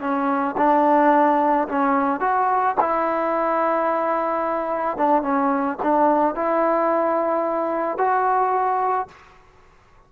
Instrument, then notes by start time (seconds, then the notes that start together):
trombone
0.00 C#4
0.57 D4
1.68 C#4
2.20 F#4
2.80 E4
4.97 D4
5.22 C#4
5.82 D4
6.35 E4
7.98 F#4